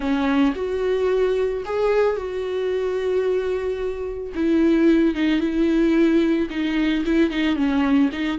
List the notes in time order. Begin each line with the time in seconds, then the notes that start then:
0.00 C#4
0.55 F#4
1.65 G#4
2.16 F#4
4.35 E4
5.14 D#4
5.40 E4
6.50 D#4
7.05 E4
7.30 D#4
7.56 C#4
8.12 D#4